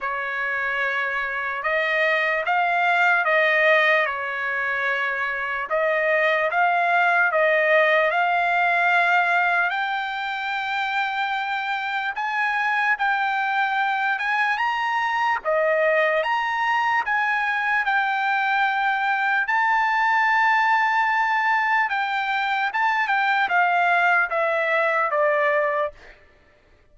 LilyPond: \new Staff \with { instrumentName = "trumpet" } { \time 4/4 \tempo 4 = 74 cis''2 dis''4 f''4 | dis''4 cis''2 dis''4 | f''4 dis''4 f''2 | g''2. gis''4 |
g''4. gis''8 ais''4 dis''4 | ais''4 gis''4 g''2 | a''2. g''4 | a''8 g''8 f''4 e''4 d''4 | }